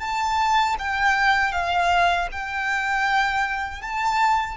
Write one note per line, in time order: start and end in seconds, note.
0.00 0.76 A5
0.79 1.52 G5
1.52 2.28 F5
2.32 3.82 G5
3.82 4.57 A5